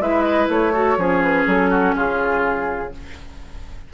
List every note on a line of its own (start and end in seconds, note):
0.00 0.48 G#3
0.00 0.73 E4
0.00 0.73 B4
0.00 0.22 E5
0.22 0.47 D#5
0.49 0.97 A3
0.49 1.23 C#5
0.73 0.97 F#4
0.73 0.97 A4
0.97 1.46 F3
0.97 2.92 C#4
0.97 1.70 G#4
1.23 1.47 B4
1.47 1.95 F#3
1.47 1.96 A4
1.70 1.95 F#4
1.96 2.93 C#3
1.96 2.93 F4
1.96 2.94 G#4